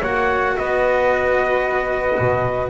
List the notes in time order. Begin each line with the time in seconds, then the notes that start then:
0.00 A#3 F#4 C#5 F#5
0.57 B3 B4 D#5
2.19 B2